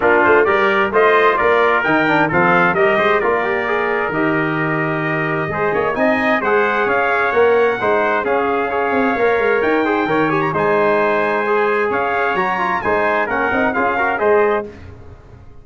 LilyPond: <<
  \new Staff \with { instrumentName = "trumpet" } { \time 4/4 \tempo 4 = 131 ais'8 c''8 d''4 dis''4 d''4 | g''4 f''4 dis''4 d''4~ | d''4 dis''2.~ | dis''4 gis''4 fis''4 f''4 |
fis''2 f''2~ | f''4 g''4. gis''16 ais''16 gis''4~ | gis''2 f''4 ais''4 | gis''4 fis''4 f''4 dis''4 | }
  \new Staff \with { instrumentName = "trumpet" } { \time 4/4 f'4 ais'4 c''4 ais'4~ | ais'4 a'4 ais'8 c''8 ais'4~ | ais'1 | c''8 cis''8 dis''4 c''4 cis''4~ |
cis''4 c''4 gis'4 cis''4~ | cis''4. c''8 cis''4 c''4~ | c''2 cis''2 | c''4 ais'4 gis'8 ais'8 c''4 | }
  \new Staff \with { instrumentName = "trombone" } { \time 4/4 d'4 g'4 f'2 | dis'8 d'8 c'4 g'4 f'8 g'8 | gis'4 g'2. | gis'4 dis'4 gis'2 |
ais'4 dis'4 cis'4 gis'4 | ais'4. gis'8 ais'8 g'8 dis'4~ | dis'4 gis'2 fis'8 f'8 | dis'4 cis'8 dis'8 f'8 fis'8 gis'4 | }
  \new Staff \with { instrumentName = "tuba" } { \time 4/4 ais8 a8 g4 a4 ais4 | dis4 f4 g8 gis8 ais4~ | ais4 dis2. | gis8 ais8 c'4 gis4 cis'4 |
ais4 gis4 cis'4. c'8 | ais8 gis8 dis'4 dis4 gis4~ | gis2 cis'4 fis4 | gis4 ais8 c'8 cis'4 gis4 | }
>>